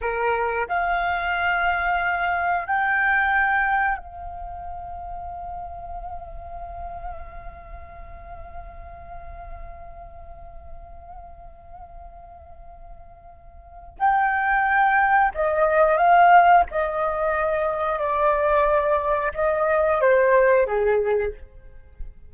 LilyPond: \new Staff \with { instrumentName = "flute" } { \time 4/4 \tempo 4 = 90 ais'4 f''2. | g''2 f''2~ | f''1~ | f''1~ |
f''1~ | f''4 g''2 dis''4 | f''4 dis''2 d''4~ | d''4 dis''4 c''4 gis'4 | }